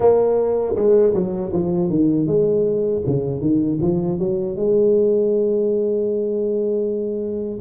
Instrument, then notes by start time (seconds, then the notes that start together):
tuba
0.00 A#3
0.75 G#3
1.14 F#3
1.52 F3
1.90 D#3
2.26 G#3
3.06 C#3
3.41 D#3
3.81 F3
4.18 F#3
4.56 G#3